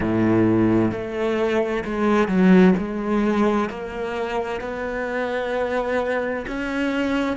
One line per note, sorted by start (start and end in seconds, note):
0.00 0.91 A2
0.91 1.84 A3
1.84 2.27 G#3
2.27 2.74 F#3
2.77 3.69 G#3
3.69 4.61 A#3
4.61 6.45 B3
6.47 7.36 C#4